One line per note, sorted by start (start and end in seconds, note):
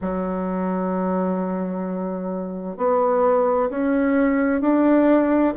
0.01 2.77 F#3
2.77 3.69 B3
3.70 4.61 C#4
4.61 5.53 D4